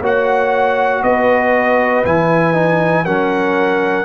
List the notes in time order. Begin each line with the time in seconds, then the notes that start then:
0.00 A#3 F#4 C#5 F#5
1.03 B3 B4 D#5
2.05 E3 E4 G#5
2.54 D#4
3.05 F#3 C#4 A#4 F#5